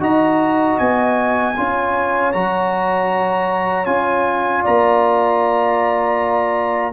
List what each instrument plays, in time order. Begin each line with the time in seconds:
0.00 tuba D#4, trombone F#4, horn D#5, trumpet A#5
0.79 tuba B3, trumpet G#5
1.57 tuba C#4, trombone F4, horn C#5
2.33 tuba F#3, trombone F#4, trumpet A#5
3.86 tuba C#4, trombone F4, trumpet G#5
4.62 tuba A#3, horn D5, trumpet A#5